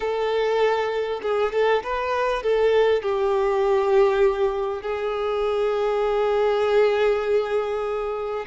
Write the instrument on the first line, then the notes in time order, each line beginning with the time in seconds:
violin
0.00 A4
1.22 G#4
1.52 A4
1.83 B4
2.42 A4
3.02 G4
4.82 G#4